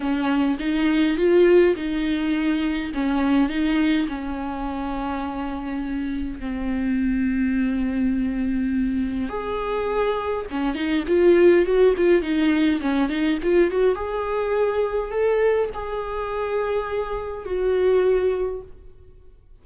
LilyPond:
\new Staff \with { instrumentName = "viola" } { \time 4/4 \tempo 4 = 103 cis'4 dis'4 f'4 dis'4~ | dis'4 cis'4 dis'4 cis'4~ | cis'2. c'4~ | c'1 |
gis'2 cis'8 dis'8 f'4 | fis'8 f'8 dis'4 cis'8 dis'8 f'8 fis'8 | gis'2 a'4 gis'4~ | gis'2 fis'2 | }